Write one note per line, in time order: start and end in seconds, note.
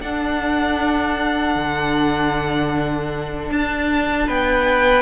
0.00 1.56 D4
0.00 5.02 D4
0.00 4.27 A4
0.00 3.52 F#5
1.56 3.50 D3
3.50 4.28 D4
3.50 4.28 A5
4.27 5.02 B3
4.27 5.02 B4
4.27 5.02 G5